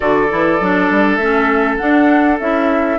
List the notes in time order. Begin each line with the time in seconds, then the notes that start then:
0.00 D3 F#4 A4 D5
0.29 E3 E4
0.60 F#3 D4
0.90 G3
1.16 A3 C#4 E5
1.77 D4 F#5
2.40 C#4 E4 E5